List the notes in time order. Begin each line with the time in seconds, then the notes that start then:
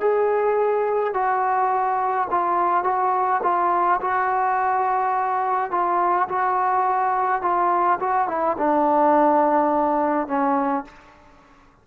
0.00 G#4
1.14 F#4
2.30 F4
2.84 F#4
3.43 F4
4.01 F#4
5.71 F4
6.28 F#4
7.42 F4
7.99 F#4
8.28 E4
8.57 D4
10.27 C#4